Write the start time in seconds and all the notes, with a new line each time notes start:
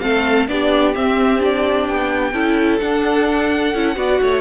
0.00 A3 C4 A4 F5
0.47 B3 D4 G4 D5
0.94 C4 E5
1.39 D4 D5
1.87 B3 G5
2.32 C#4 E4 A4
2.78 D4 F#5
3.73 C#4 E4
3.95 B3 F#4 D5
4.21 A3 C#5